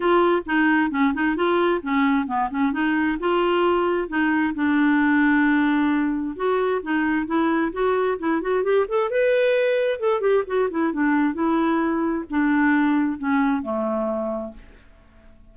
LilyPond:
\new Staff \with { instrumentName = "clarinet" } { \time 4/4 \tempo 4 = 132 f'4 dis'4 cis'8 dis'8 f'4 | cis'4 b8 cis'8 dis'4 f'4~ | f'4 dis'4 d'2~ | d'2 fis'4 dis'4 |
e'4 fis'4 e'8 fis'8 g'8 a'8 | b'2 a'8 g'8 fis'8 e'8 | d'4 e'2 d'4~ | d'4 cis'4 a2 | }